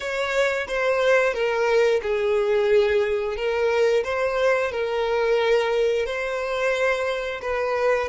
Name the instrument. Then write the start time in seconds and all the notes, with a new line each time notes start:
violin
0.00 C#5
0.67 C5
1.33 A#4
2.02 G#4
3.36 A#4
4.04 C5
4.71 A#4
6.06 C5
7.41 B4